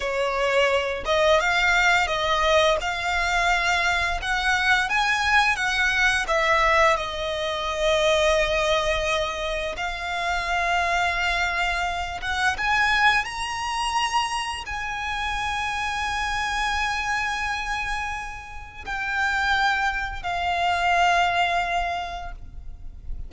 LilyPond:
\new Staff \with { instrumentName = "violin" } { \time 4/4 \tempo 4 = 86 cis''4. dis''8 f''4 dis''4 | f''2 fis''4 gis''4 | fis''4 e''4 dis''2~ | dis''2 f''2~ |
f''4. fis''8 gis''4 ais''4~ | ais''4 gis''2.~ | gis''2. g''4~ | g''4 f''2. | }